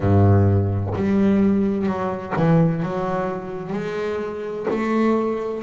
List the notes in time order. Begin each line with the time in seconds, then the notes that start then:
0.00 G2
0.95 G3
1.86 F#3
2.36 E3
2.82 F#3
3.72 G#3
4.70 A3